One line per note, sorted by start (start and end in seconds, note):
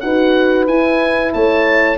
0.00 0.67 D#4
0.00 0.68 F#4
0.00 1.34 B4
0.00 0.65 F#5
0.67 1.32 E4
0.67 1.98 E4
0.67 1.33 G#5
1.33 1.98 A3
1.33 1.98 C#5
1.33 1.98 A5